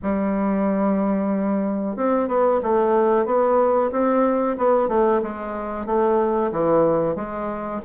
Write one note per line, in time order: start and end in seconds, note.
0.02 1.96 G3
1.96 2.27 C4
2.27 2.60 B3
2.63 3.25 A3
3.25 3.90 B3
3.91 4.57 C4
4.57 4.88 B3
4.88 5.21 A3
5.22 5.85 G#3
5.85 6.51 A3
6.51 7.15 E3
7.15 7.81 G#3